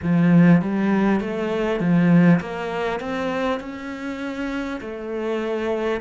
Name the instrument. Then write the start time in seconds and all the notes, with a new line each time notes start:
cello
0.02 F3
0.61 G3
1.20 A3
1.79 F3
2.40 A#3
3.00 C4
3.59 C#4
4.81 A3